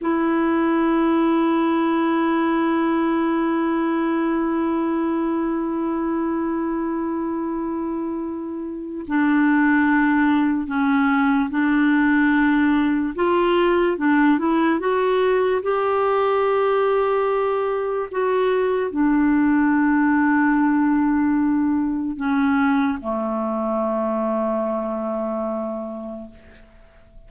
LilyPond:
\new Staff \with { instrumentName = "clarinet" } { \time 4/4 \tempo 4 = 73 e'1~ | e'1~ | e'2. d'4~ | d'4 cis'4 d'2 |
f'4 d'8 e'8 fis'4 g'4~ | g'2 fis'4 d'4~ | d'2. cis'4 | a1 | }